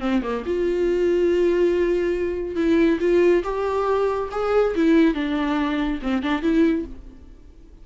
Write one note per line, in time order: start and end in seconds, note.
0.00 0.21 C4
0.22 0.43 A#3
0.46 2.55 F4
2.55 2.98 E4
3.00 3.43 F4
3.43 4.29 G4
4.31 4.74 G#4
4.75 5.14 E4
5.14 6.00 D4
6.02 6.22 C4
6.22 6.42 D4
6.42 6.85 E4